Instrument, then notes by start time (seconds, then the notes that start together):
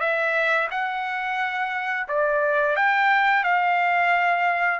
trumpet
0.00 E5
0.71 F#5
2.08 D5
2.76 G5
3.44 F5